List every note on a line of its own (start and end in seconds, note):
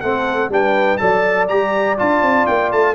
0.00 0.49 A3
0.00 0.50 C4
0.00 0.51 A4
0.00 0.49 F#5
0.49 0.98 G3
0.49 0.98 D4
0.49 1.01 B4
0.49 0.97 G5
0.97 1.50 F#3
0.97 1.47 A4
0.97 2.95 D5
0.97 1.46 A5
1.48 1.99 G3
1.48 1.97 G4
1.48 1.97 A#5
1.97 2.22 D4
1.97 2.95 F4
1.97 2.46 A5
2.22 2.46 C4
2.46 2.72 A#3
2.46 2.70 G5
2.72 2.95 A3
2.72 2.95 A5